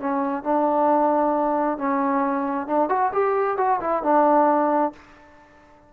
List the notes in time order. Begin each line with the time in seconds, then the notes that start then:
0.00 C#4
0.44 D4
1.78 C#4
2.67 D4
2.89 F#4
3.13 G4
3.58 F#4
3.81 E4
4.03 D4